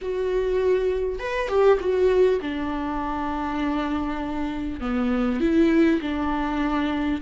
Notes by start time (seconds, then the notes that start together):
0.01 F#4
1.19 B4
1.48 G4
1.80 F#4
2.41 D4
4.80 B3
5.40 E4
6.01 D4